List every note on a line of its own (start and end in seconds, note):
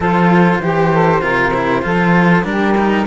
0.00 0.59 F3
0.00 0.62 F4
0.00 0.60 A4
0.00 2.45 C5
0.60 1.21 E3
0.60 0.92 G4
0.60 1.21 G4
0.92 1.21 A4
1.21 1.83 C3
1.21 1.52 F4
1.21 1.82 A#4
1.53 1.82 E4
1.82 2.44 F3
1.82 2.43 F4
1.82 2.46 A4
2.43 3.05 G3
2.43 2.74 D4
2.43 3.06 G4
2.43 3.06 A#4
2.77 3.06 D#4